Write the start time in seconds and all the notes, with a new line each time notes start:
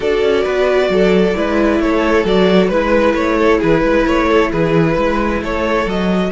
0.00 D4 F#4 A4 D5
0.23 C#4
0.43 B3 B4
0.89 F#3 A4
1.35 G#3 E4 B4
1.79 A3 A4 C#5
2.24 F#3 F#4 D5
2.68 G#3 E4 B4
3.13 A3 C#5
3.37 A4
3.58 E3 G#4 B4
3.83 G#3 B4
4.06 A3 C#5
4.28 A4
4.51 E3 G#4 B4
4.93 G#3 B4
5.41 A3 A4 C#5
5.85 F#3 F#4 D#5